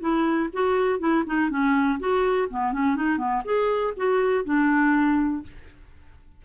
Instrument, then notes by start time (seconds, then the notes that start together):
clarinet
0.00 E4
0.53 F#4
0.99 E4
1.26 D#4
1.49 C#4
1.99 F#4
2.50 B3
2.72 C#4
2.95 D#4
3.17 B3
3.44 G#4
3.96 F#4
4.44 D4